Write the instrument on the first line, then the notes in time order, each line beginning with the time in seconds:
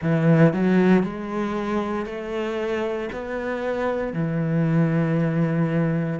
cello
0.01 E3
0.53 F#3
1.03 G#3
2.05 A3
3.12 B3
4.13 E3